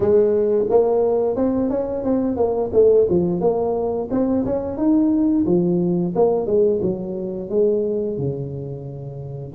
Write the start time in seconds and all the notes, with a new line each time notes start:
0.00 G#3
0.69 A#3
1.36 C4
1.70 C#4
2.04 C4
2.36 A#3
2.73 A3
3.09 F3
3.40 A#3
4.10 C4
4.45 C#4
4.77 D#4
5.45 F3
6.15 A#3
6.46 G#3
6.81 F#3
7.49 G#3
8.18 C#3